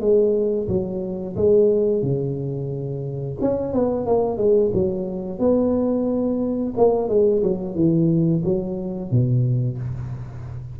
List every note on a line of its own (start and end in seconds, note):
0.00 0.67 G#3
0.68 1.35 F#3
1.36 2.02 G#3
2.02 3.37 C#3
3.41 3.73 C#4
3.73 4.06 B3
4.06 4.37 A#3
4.37 4.71 G#3
4.73 5.39 F#3
5.39 6.74 B3
6.77 7.08 A#3
7.08 7.42 G#3
7.42 7.75 F#3
7.75 8.42 E3
8.44 9.11 F#3
9.11 9.78 B2